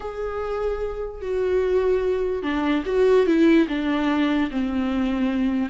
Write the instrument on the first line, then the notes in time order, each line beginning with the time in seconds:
viola
0.00 G#4
1.21 F#4
2.42 D4
2.85 F#4
3.26 E4
3.68 D4
4.50 C4